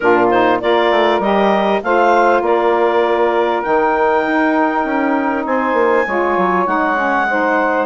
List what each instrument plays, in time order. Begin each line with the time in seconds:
0.00 bassoon A#2, saxophone D4 F4, clarinet A#4
0.30 saxophone D#4, clarinet C5
0.60 bassoon A#3, saxophone F4 A#4, clarinet D5
0.90 bassoon A3
1.19 bassoon G3, saxophone G4, clarinet D#5
1.82 bassoon A3, saxophone F4 C5, clarinet F5
2.41 bassoon A#3, saxophone A#4, clarinet D5
3.62 bassoon D#3, saxophone D#4, clarinet G5
4.27 bassoon D#4
4.84 bassoon C#4
5.45 bassoon C4, saxophone C5, clarinet G#5
5.73 bassoon A#3
6.06 bassoon G#3, saxophone F4 C#5
6.37 bassoon F#3
6.65 bassoon G#3, saxophone D#4, clarinet F#5
6.96 saxophone C#4
7.29 saxophone D#4 C5